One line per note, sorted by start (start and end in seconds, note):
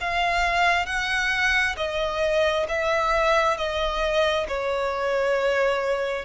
0.00 0.85 F5
0.85 1.75 F#5
1.77 2.66 D#5
2.68 3.57 E5
3.57 4.47 D#5
4.48 6.25 C#5